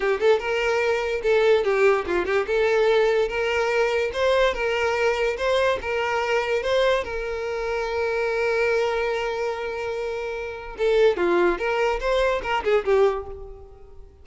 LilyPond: \new Staff \with { instrumentName = "violin" } { \time 4/4 \tempo 4 = 145 g'8 a'8 ais'2 a'4 | g'4 f'8 g'8 a'2 | ais'2 c''4 ais'4~ | ais'4 c''4 ais'2 |
c''4 ais'2.~ | ais'1~ | ais'2 a'4 f'4 | ais'4 c''4 ais'8 gis'8 g'4 | }